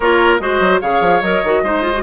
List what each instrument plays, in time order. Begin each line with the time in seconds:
0.00 bassoon A#3, clarinet F4, oboe A#4, flute C#5
0.39 bassoon G#3, clarinet F#4, oboe C5, flute D#5
0.60 bassoon F#3
0.81 bassoon C#3, clarinet G#4, oboe C#5, flute F5
1.01 bassoon F3
1.21 bassoon F#3, clarinet A#4, flute D#5
1.43 bassoon D#3, clarinet F#4
1.62 bassoon G#3, clarinet D#4, oboe C5
1.82 clarinet F4
1.93 clarinet F#4